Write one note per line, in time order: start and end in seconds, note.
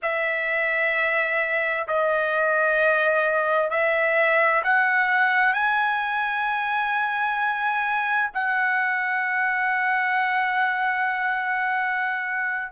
0.02 1.87 E5
1.87 3.70 D#5
3.70 4.62 E5
4.63 5.53 F#5
5.53 8.30 G#5
8.34 12.71 F#5